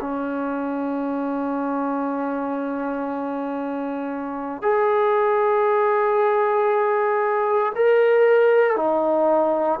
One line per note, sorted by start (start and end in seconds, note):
0.00 4.61 C#4
4.61 7.72 G#4
7.75 8.76 A#4
8.76 9.79 D#4